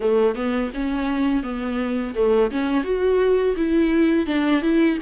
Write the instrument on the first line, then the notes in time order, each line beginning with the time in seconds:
viola
0.00 A3
0.35 B3
0.73 C#4
1.43 B3
2.15 A3
2.51 C#4
2.83 F#4
3.56 E4
4.26 D4
4.62 E4